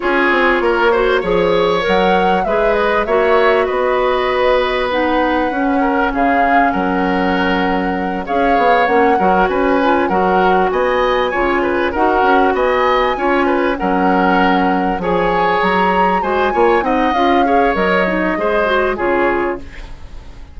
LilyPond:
<<
  \new Staff \with { instrumentName = "flute" } { \time 4/4 \tempo 4 = 98 cis''2. fis''4 | e''8 dis''8 e''4 dis''2 | fis''2 f''4 fis''4~ | fis''4. f''4 fis''4 gis''8~ |
gis''8 fis''4 gis''2 fis''8~ | fis''8 gis''2 fis''4.~ | fis''8 gis''4 ais''4 gis''4 fis''8 | f''4 dis''2 cis''4 | }
  \new Staff \with { instrumentName = "oboe" } { \time 4/4 gis'4 ais'8 c''8 cis''2 | b'4 cis''4 b'2~ | b'4. ais'8 gis'4 ais'4~ | ais'4. cis''4. ais'8 b'8~ |
b'8 ais'4 dis''4 cis''8 b'8 ais'8~ | ais'8 dis''4 cis''8 b'8 ais'4.~ | ais'8 cis''2 c''8 cis''8 dis''8~ | dis''8 cis''4. c''4 gis'4 | }
  \new Staff \with { instrumentName = "clarinet" } { \time 4/4 f'4. fis'8 gis'4 ais'4 | gis'4 fis'2. | dis'4 cis'2.~ | cis'4. gis'4 cis'8 fis'4 |
f'8 fis'2 f'4 fis'8~ | fis'4. f'4 cis'4.~ | cis'8 gis'2 fis'8 f'8 dis'8 | f'8 gis'8 ais'8 dis'8 gis'8 fis'8 f'4 | }
  \new Staff \with { instrumentName = "bassoon" } { \time 4/4 cis'8 c'8 ais4 f4 fis4 | gis4 ais4 b2~ | b4 cis'4 cis4 fis4~ | fis4. cis'8 b8 ais8 fis8 cis'8~ |
cis'8 fis4 b4 cis4 dis'8 | cis'8 b4 cis'4 fis4.~ | fis8 f4 fis4 gis8 ais8 c'8 | cis'4 fis4 gis4 cis4 | }
>>